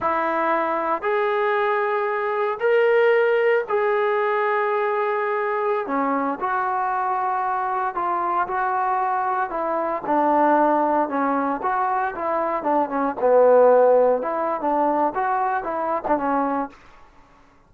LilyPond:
\new Staff \with { instrumentName = "trombone" } { \time 4/4 \tempo 4 = 115 e'2 gis'2~ | gis'4 ais'2 gis'4~ | gis'2.~ gis'16 cis'8.~ | cis'16 fis'2. f'8.~ |
f'16 fis'2 e'4 d'8.~ | d'4~ d'16 cis'4 fis'4 e'8.~ | e'16 d'8 cis'8 b2 e'8. | d'4 fis'4 e'8. d'16 cis'4 | }